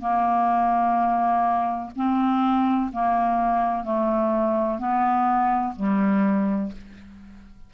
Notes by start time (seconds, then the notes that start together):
0.00 A#3
1.96 C4
2.92 A#3
3.84 A3
4.79 B3
5.76 G3